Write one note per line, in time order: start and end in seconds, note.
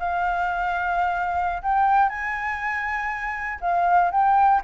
0.00 1.62 F5
1.63 2.10 G5
2.10 3.60 G#5
3.61 4.11 F5
4.12 4.62 G5